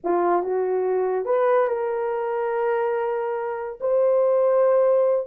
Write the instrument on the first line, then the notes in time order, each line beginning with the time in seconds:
horn
0.03 F4
0.42 F#4
1.25 B4
1.67 A#4
3.80 C5